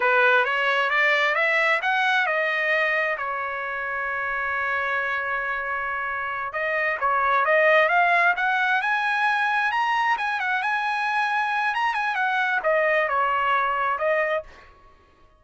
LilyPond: \new Staff \with { instrumentName = "trumpet" } { \time 4/4 \tempo 4 = 133 b'4 cis''4 d''4 e''4 | fis''4 dis''2 cis''4~ | cis''1~ | cis''2~ cis''8 dis''4 cis''8~ |
cis''8 dis''4 f''4 fis''4 gis''8~ | gis''4. ais''4 gis''8 fis''8 gis''8~ | gis''2 ais''8 gis''8 fis''4 | dis''4 cis''2 dis''4 | }